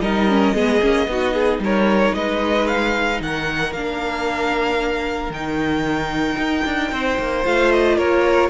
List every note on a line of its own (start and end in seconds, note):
0.00 0.53 G3
0.00 0.29 D#4
0.00 0.55 A#4
0.00 1.60 D#5
0.29 0.55 C#4
0.55 0.81 G#3
0.55 0.81 B3
0.55 1.08 G#4
0.81 1.07 A#3
0.81 1.07 C#4
1.07 1.59 B3
1.07 3.75 D#4
1.07 1.34 F#4
1.34 1.61 G#4
1.59 2.12 G3
1.59 2.16 A#4
1.59 2.14 C#5
2.14 3.21 G#3
2.14 3.22 B4
2.14 2.67 D#5
2.67 3.20 F5
3.21 3.72 D#3
3.21 6.93 A#4
3.21 3.73 F#5
3.72 5.30 A#3
3.72 5.34 D4
3.72 5.32 F5
5.30 6.37 D#3
5.30 7.46 D#4
5.30 7.46 G5
6.38 6.64 D#4
6.66 6.92 D4
6.92 7.18 C4
6.92 7.96 C5
7.19 7.46 A#3
7.46 7.99 A3
7.46 8.50 F4
7.46 7.72 F5
7.72 7.98 D#5
7.96 8.50 A#3
7.96 8.50 A#4
7.96 8.50 C#5